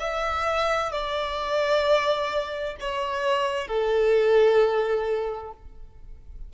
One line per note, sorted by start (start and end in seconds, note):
0.00 0.92 E5
0.92 2.77 D5
2.80 3.68 C#5
3.68 5.52 A4